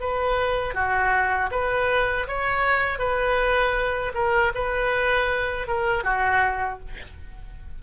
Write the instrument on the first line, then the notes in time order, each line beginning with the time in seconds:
oboe
0.00 B4
0.74 F#4
1.51 B4
2.27 C#5
2.98 B4
4.14 A#4
4.54 B4
5.67 A#4
6.03 F#4